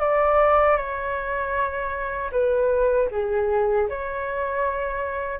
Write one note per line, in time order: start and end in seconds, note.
0.00 0.77 D5
0.77 2.31 C#5
2.32 3.09 B4
3.11 3.88 G#4
3.89 5.40 C#5